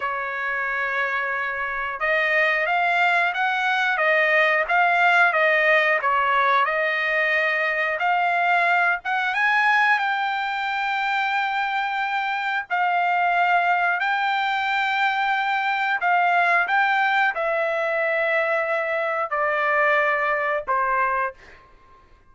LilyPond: \new Staff \with { instrumentName = "trumpet" } { \time 4/4 \tempo 4 = 90 cis''2. dis''4 | f''4 fis''4 dis''4 f''4 | dis''4 cis''4 dis''2 | f''4. fis''8 gis''4 g''4~ |
g''2. f''4~ | f''4 g''2. | f''4 g''4 e''2~ | e''4 d''2 c''4 | }